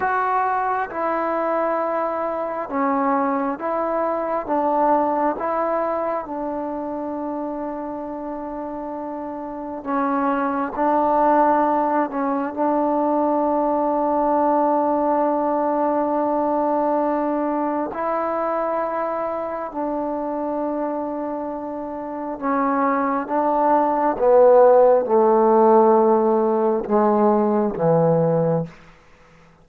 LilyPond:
\new Staff \with { instrumentName = "trombone" } { \time 4/4 \tempo 4 = 67 fis'4 e'2 cis'4 | e'4 d'4 e'4 d'4~ | d'2. cis'4 | d'4. cis'8 d'2~ |
d'1 | e'2 d'2~ | d'4 cis'4 d'4 b4 | a2 gis4 e4 | }